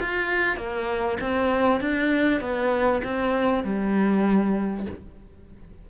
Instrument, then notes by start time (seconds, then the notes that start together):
cello
0.00 F4
0.56 A#3
1.21 C4
1.80 D4
2.40 B3
3.04 C4
3.64 G3